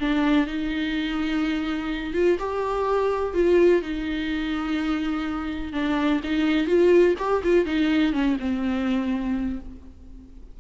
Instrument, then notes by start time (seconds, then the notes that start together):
viola
0.00 D4
0.47 D#4
2.13 F4
2.39 G4
3.34 F4
3.82 D#4
5.73 D4
6.24 D#4
6.67 F4
7.18 G4
7.44 F4
7.65 D#4
8.13 C#4
8.40 C4